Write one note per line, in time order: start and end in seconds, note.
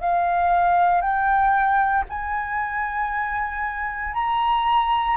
0.00 1.01 F5
1.01 2.04 G5
2.09 4.13 G#5
4.13 5.16 A#5